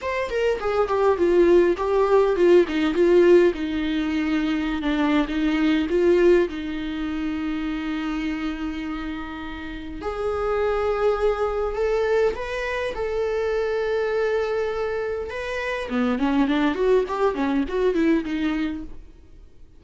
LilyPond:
\new Staff \with { instrumentName = "viola" } { \time 4/4 \tempo 4 = 102 c''8 ais'8 gis'8 g'8 f'4 g'4 | f'8 dis'8 f'4 dis'2~ | dis'16 d'8. dis'4 f'4 dis'4~ | dis'1~ |
dis'4 gis'2. | a'4 b'4 a'2~ | a'2 b'4 b8 cis'8 | d'8 fis'8 g'8 cis'8 fis'8 e'8 dis'4 | }